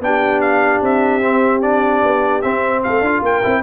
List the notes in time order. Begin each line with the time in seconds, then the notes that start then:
0.00 B3 D4 G4 G5
0.41 F5
0.82 C4 E5
1.21 C4
1.61 D4 D5
2.03 B3
2.41 C4 E5
2.83 A3 A4 F5
3.01 D4 F4
3.22 A#3 A#4 G5
3.43 C4 E4